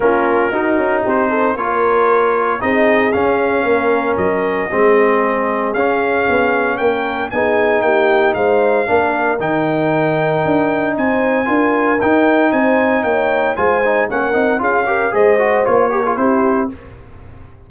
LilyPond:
<<
  \new Staff \with { instrumentName = "trumpet" } { \time 4/4 \tempo 4 = 115 ais'2 c''4 cis''4~ | cis''4 dis''4 f''2 | dis''2. f''4~ | f''4 g''4 gis''4 g''4 |
f''2 g''2~ | g''4 gis''2 g''4 | gis''4 g''4 gis''4 fis''4 | f''4 dis''4 cis''4 c''4 | }
  \new Staff \with { instrumentName = "horn" } { \time 4/4 f'4 fis'4 g'8 a'8 ais'4~ | ais'4 gis'2 ais'4~ | ais'4 gis'2.~ | gis'4 ais'4 gis'4 g'4 |
c''4 ais'2.~ | ais'4 c''4 ais'2 | c''4 cis''4 c''4 ais'4 | gis'8 ais'8 c''4. ais'16 gis'16 g'4 | }
  \new Staff \with { instrumentName = "trombone" } { \time 4/4 cis'4 dis'2 f'4~ | f'4 dis'4 cis'2~ | cis'4 c'2 cis'4~ | cis'2 dis'2~ |
dis'4 d'4 dis'2~ | dis'2 f'4 dis'4~ | dis'2 f'8 dis'8 cis'8 dis'8 | f'8 g'8 gis'8 fis'8 f'8 g'16 f'16 e'4 | }
  \new Staff \with { instrumentName = "tuba" } { \time 4/4 ais4 dis'8 cis'8 c'4 ais4~ | ais4 c'4 cis'4 ais4 | fis4 gis2 cis'4 | b4 ais4 b4 ais4 |
gis4 ais4 dis2 | d'4 c'4 d'4 dis'4 | c'4 ais4 gis4 ais8 c'8 | cis'4 gis4 ais4 c'4 | }
>>